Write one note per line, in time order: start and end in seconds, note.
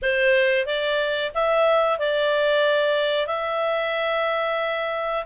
0.02 0.66 C5
0.66 1.32 D5
1.34 1.98 E5
1.98 3.26 D5
3.26 5.24 E5